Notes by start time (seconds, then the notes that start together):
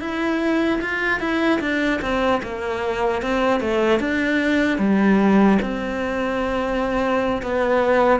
0.00 E4
0.81 F4
1.20 E4
1.60 D4
2.01 C4
2.43 A#3
3.22 C4
3.60 A3
4.00 D4
4.79 G3
5.62 C4
7.42 B3